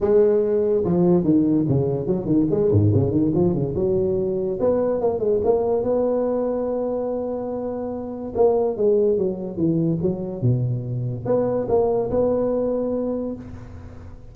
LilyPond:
\new Staff \with { instrumentName = "tuba" } { \time 4/4 \tempo 4 = 144 gis2 f4 dis4 | cis4 fis8 dis8 gis8 gis,8 cis8 dis8 | f8 cis8 fis2 b4 | ais8 gis8 ais4 b2~ |
b1 | ais4 gis4 fis4 e4 | fis4 b,2 b4 | ais4 b2. | }